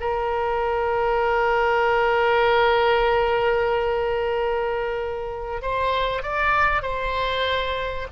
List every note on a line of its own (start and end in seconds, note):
0.00 5.61 A#4
5.61 6.22 C5
6.22 6.82 D5
6.82 8.07 C5